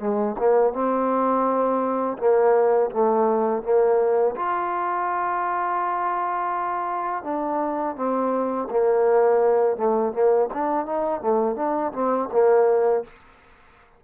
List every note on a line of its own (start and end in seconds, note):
0.00 0.36 G#3
0.38 0.74 A#3
0.74 2.18 C4
2.18 2.90 A#3
2.91 3.63 A3
3.63 4.36 A#3
4.36 7.24 F4
7.24 7.96 D4
7.96 8.68 C4
8.71 9.77 A#3
9.77 10.13 A3
10.13 10.49 A#3
10.54 10.86 D4
10.86 11.21 D#4
11.21 11.57 A3
11.57 11.93 D4
11.93 12.29 C4
12.33 13.05 A#3